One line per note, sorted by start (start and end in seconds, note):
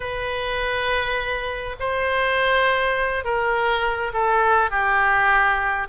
0.00 1.76 B4
1.79 3.24 C5
3.24 4.12 A#4
4.13 4.70 A4
4.70 5.88 G4